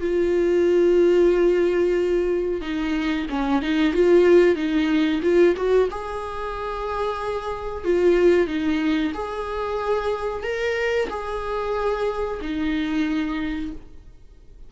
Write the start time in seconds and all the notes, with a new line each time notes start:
0.00 F4
2.61 D#4
3.29 C#4
3.62 D#4
3.93 F4
4.55 D#4
5.22 F4
5.56 F#4
5.91 G#4
7.84 F4
8.47 D#4
9.14 G#4
10.43 A#4
11.09 G#4
12.41 D#4